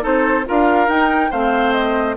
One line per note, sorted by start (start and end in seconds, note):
0.00 0.47 C4
0.00 0.43 D#4
0.00 0.45 A4
0.00 0.47 C5
0.46 0.88 D4
0.46 0.88 F4
0.46 1.30 A#4
0.46 0.89 F5
0.88 1.30 D#4
0.88 1.32 G5
1.30 2.16 A3
1.30 2.16 C4
1.30 2.15 C5
1.30 1.72 F5
1.72 2.15 D#5